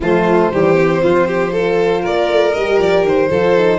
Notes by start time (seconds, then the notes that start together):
0.00 F3 A3 F4 C5
0.51 E3 G3 G4
0.75 C4
1.02 F3 F4
1.27 G4
1.52 F4 A4
2.01 A#3 A#4 D5
2.29 A3
2.53 G3 G4 D#5
2.78 F3 D5
3.03 D#3 C5
3.30 F3 F4 A4
3.56 D#4